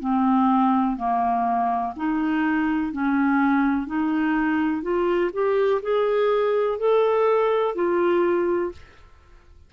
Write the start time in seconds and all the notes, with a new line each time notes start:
0.00 C4
0.97 A#3
1.97 D#4
2.93 C#4
3.87 D#4
4.83 F4
5.33 G4
5.82 G#4
6.79 A4
7.76 F4